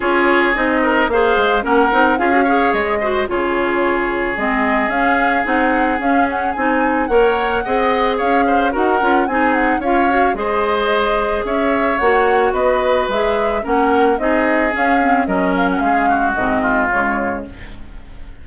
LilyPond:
<<
  \new Staff \with { instrumentName = "flute" } { \time 4/4 \tempo 4 = 110 cis''4 dis''4 f''4 fis''4 | f''4 dis''4 cis''2 | dis''4 f''4 fis''4 f''8 fis''8 | gis''4 fis''2 f''4 |
fis''4 gis''8 fis''8 f''4 dis''4~ | dis''4 e''4 fis''4 dis''4 | e''4 fis''4 dis''4 f''4 | dis''8 f''16 fis''16 f''4 dis''4 cis''4 | }
  \new Staff \with { instrumentName = "oboe" } { \time 4/4 gis'4. ais'8 c''4 ais'4 | gis'8 cis''4 c''8 gis'2~ | gis'1~ | gis'4 cis''4 dis''4 cis''8 c''8 |
ais'4 gis'4 cis''4 c''4~ | c''4 cis''2 b'4~ | b'4 ais'4 gis'2 | ais'4 gis'8 fis'4 f'4. | }
  \new Staff \with { instrumentName = "clarinet" } { \time 4/4 f'4 dis'4 gis'4 cis'8 dis'8 | f'16 fis'16 gis'4 fis'8 f'2 | c'4 cis'4 dis'4 cis'4 | dis'4 ais'4 gis'2 |
fis'8 f'8 dis'4 f'8 fis'8 gis'4~ | gis'2 fis'2 | gis'4 cis'4 dis'4 cis'8 c'8 | cis'2 c'4 gis4 | }
  \new Staff \with { instrumentName = "bassoon" } { \time 4/4 cis'4 c'4 ais8 gis8 ais8 c'8 | cis'4 gis4 cis2 | gis4 cis'4 c'4 cis'4 | c'4 ais4 c'4 cis'4 |
dis'8 cis'8 c'4 cis'4 gis4~ | gis4 cis'4 ais4 b4 | gis4 ais4 c'4 cis'4 | fis4 gis4 gis,4 cis4 | }
>>